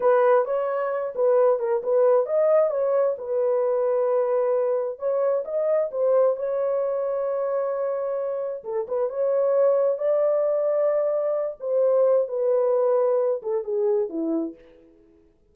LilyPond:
\new Staff \with { instrumentName = "horn" } { \time 4/4 \tempo 4 = 132 b'4 cis''4. b'4 ais'8 | b'4 dis''4 cis''4 b'4~ | b'2. cis''4 | dis''4 c''4 cis''2~ |
cis''2. a'8 b'8 | cis''2 d''2~ | d''4. c''4. b'4~ | b'4. a'8 gis'4 e'4 | }